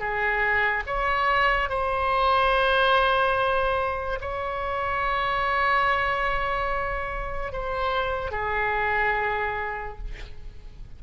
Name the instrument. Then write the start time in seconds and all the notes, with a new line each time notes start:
oboe
0.00 G#4
0.87 C#5
1.70 C5
4.21 C#5
7.53 C5
8.32 G#4